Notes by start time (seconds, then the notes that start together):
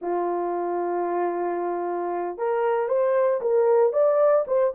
0.01 F4
2.37 A#4
2.88 C5
3.41 A#4
3.92 D5
4.47 C5